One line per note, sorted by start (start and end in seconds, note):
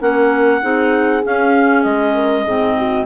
0.00 0.62 A#3
0.00 0.61 C#4
0.00 0.62 A#4
0.00 1.24 F#5
0.62 1.25 C4
0.62 1.23 D#4
0.62 2.15 G#4
1.23 2.46 C#4
1.23 1.85 C#4
1.23 1.84 F5
1.84 2.46 G#3
1.84 3.06 D#5
2.15 2.45 A#4
2.45 3.06 G#2
2.45 3.06 C4
2.45 2.76 G#4
2.78 3.06 F#4